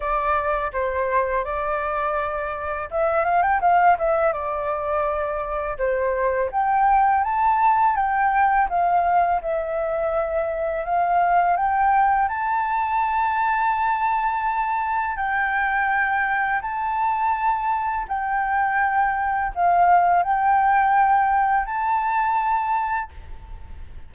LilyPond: \new Staff \with { instrumentName = "flute" } { \time 4/4 \tempo 4 = 83 d''4 c''4 d''2 | e''8 f''16 g''16 f''8 e''8 d''2 | c''4 g''4 a''4 g''4 | f''4 e''2 f''4 |
g''4 a''2.~ | a''4 g''2 a''4~ | a''4 g''2 f''4 | g''2 a''2 | }